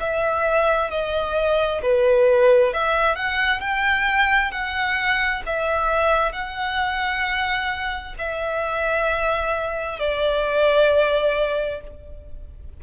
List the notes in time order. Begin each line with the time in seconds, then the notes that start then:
0.00 E5
0.91 D#5
1.83 B4
2.74 E5
3.16 F#5
3.61 G5
4.52 F#5
5.46 E5
6.33 F#5
8.19 E5
10.00 D5